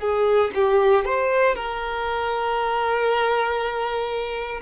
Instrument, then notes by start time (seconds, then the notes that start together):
violin
0.00 G#4
0.55 G4
1.05 C5
1.56 A#4